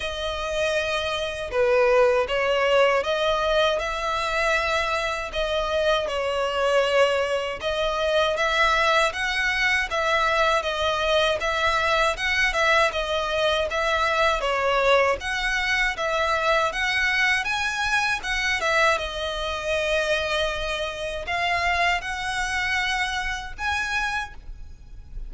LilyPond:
\new Staff \with { instrumentName = "violin" } { \time 4/4 \tempo 4 = 79 dis''2 b'4 cis''4 | dis''4 e''2 dis''4 | cis''2 dis''4 e''4 | fis''4 e''4 dis''4 e''4 |
fis''8 e''8 dis''4 e''4 cis''4 | fis''4 e''4 fis''4 gis''4 | fis''8 e''8 dis''2. | f''4 fis''2 gis''4 | }